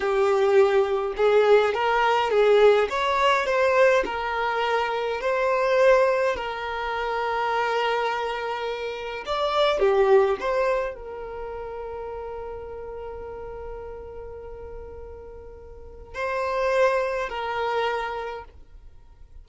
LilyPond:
\new Staff \with { instrumentName = "violin" } { \time 4/4 \tempo 4 = 104 g'2 gis'4 ais'4 | gis'4 cis''4 c''4 ais'4~ | ais'4 c''2 ais'4~ | ais'1 |
d''4 g'4 c''4 ais'4~ | ais'1~ | ais'1 | c''2 ais'2 | }